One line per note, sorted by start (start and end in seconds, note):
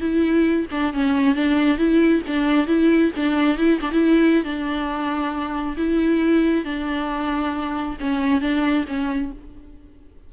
0.00 0.66 E4
0.71 0.93 D4
0.93 1.35 C#4
1.35 1.77 D4
1.77 2.22 E4
2.27 2.67 D4
2.67 3.11 E4
3.16 3.57 D4
3.57 3.79 E4
3.81 3.91 D4
3.91 4.44 E4
4.44 5.76 D4
5.77 6.64 E4
6.64 7.97 D4
8.00 8.41 C#4
8.41 8.85 D4
8.87 9.31 C#4